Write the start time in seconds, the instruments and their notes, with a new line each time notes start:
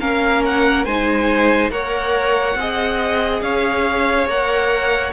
0.00 cello A#3, viola C#4, violin A#4 F5
0.46 violin F#5
0.85 cello G#3, viola D#4, violin C5 G#5
1.70 cello A#3, viola A#4, violin C#5 F#5
2.55 cello C4, viola G#4, violin D#5
3.41 cello C#4, violin C#5 F5
4.27 cello A#3, viola A#4, violin F#5